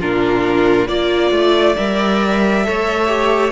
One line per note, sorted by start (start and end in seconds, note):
0.00 0.88 A#2
0.00 0.87 D4
0.00 0.88 F4
0.00 0.88 A#4
0.87 1.31 A#3
0.87 1.76 F4
0.87 1.76 D5
0.87 2.66 D5
1.31 1.75 A3
1.76 2.67 G3
1.76 2.65 A#4
1.76 3.52 E5
2.65 3.52 A3
2.65 3.07 A4
2.65 3.52 C#5
3.07 3.51 G4